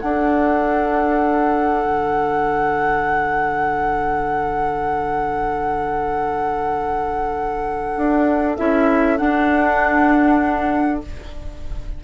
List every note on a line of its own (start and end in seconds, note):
0.00 8.57 D4
0.00 1.85 D4
0.00 11.03 A4
0.00 8.57 F#5
1.85 7.97 D3
7.97 8.58 D4
8.57 9.20 C#4
8.57 9.18 E4
8.57 9.17 E5
9.17 11.02 D4
9.17 11.04 D4
9.17 11.01 F#5